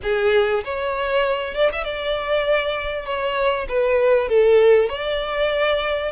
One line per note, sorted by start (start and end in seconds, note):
0.02 0.63 G#4
0.64 1.54 C#5
1.54 1.69 D5
1.72 1.84 E5
1.84 3.05 D5
3.05 3.67 C#5
3.68 4.29 B4
4.29 4.89 A4
4.89 6.11 D5